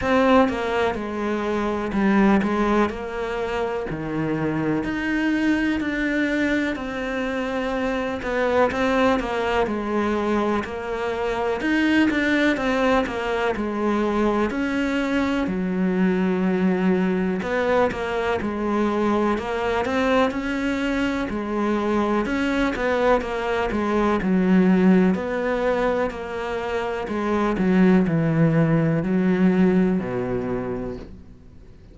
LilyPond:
\new Staff \with { instrumentName = "cello" } { \time 4/4 \tempo 4 = 62 c'8 ais8 gis4 g8 gis8 ais4 | dis4 dis'4 d'4 c'4~ | c'8 b8 c'8 ais8 gis4 ais4 | dis'8 d'8 c'8 ais8 gis4 cis'4 |
fis2 b8 ais8 gis4 | ais8 c'8 cis'4 gis4 cis'8 b8 | ais8 gis8 fis4 b4 ais4 | gis8 fis8 e4 fis4 b,4 | }